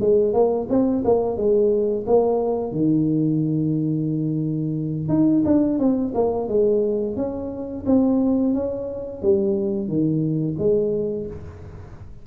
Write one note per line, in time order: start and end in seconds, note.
0.00 0.33 G#3
0.33 0.67 A#3
0.69 1.03 C4
1.04 1.37 A#3
1.37 2.05 G#3
2.06 2.71 A#3
2.71 5.09 D#3
5.09 5.43 D#4
5.45 5.79 D4
5.79 6.13 C4
6.15 6.48 A#3
6.48 7.16 G#3
7.16 7.84 C#4
7.86 8.54 C4
8.54 9.22 C#4
9.22 9.88 G3
9.88 10.56 D#3
10.58 11.27 G#3